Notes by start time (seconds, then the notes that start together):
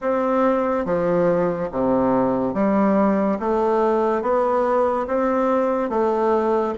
0.01 C4
0.85 F3
1.71 C3
2.54 G3
3.39 A3
4.22 B3
5.07 C4
5.89 A3